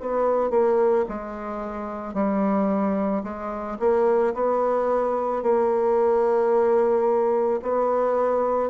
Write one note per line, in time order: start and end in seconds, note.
0.00 0.50 B3
0.50 1.05 A#3
1.08 2.13 G#3
2.13 3.22 G3
3.23 3.77 G#3
3.79 4.34 A#3
4.34 5.42 B3
5.42 7.61 A#3
7.62 8.70 B3